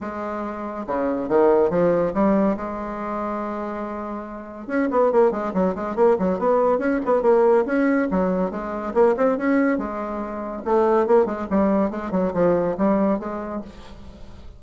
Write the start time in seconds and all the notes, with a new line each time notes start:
0.00 G#3
0.86 C#3
1.29 D#3
1.69 F3
2.14 G3
2.56 G#3
4.67 C#4
4.90 B3
5.11 A#3
5.31 G#3
5.53 F#3
5.75 G#3
5.95 A#3
6.18 F#3
6.38 B3
6.78 C#4
7.05 B3
7.22 A#3
7.65 C#4
8.10 F#3
8.50 G#3
8.94 A#3
9.16 C4
9.37 C#4
9.78 G#3
10.65 A3
11.07 A#3
11.25 G#3
11.50 G3
11.90 G#3
12.11 F#3
12.33 F3
12.77 G3
13.19 G#3